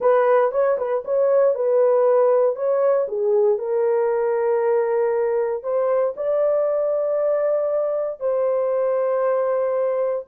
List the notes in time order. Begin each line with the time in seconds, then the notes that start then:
0.00 B4
0.51 C#5
0.78 B4
1.05 C#5
1.54 B4
2.55 C#5
3.08 G#4
3.58 A#4
5.63 C5
6.16 D5
8.20 C5